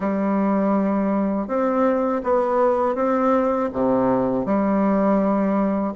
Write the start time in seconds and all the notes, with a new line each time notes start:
0.00 G3
1.47 C4
2.23 B3
2.95 C4
3.72 C3
4.45 G3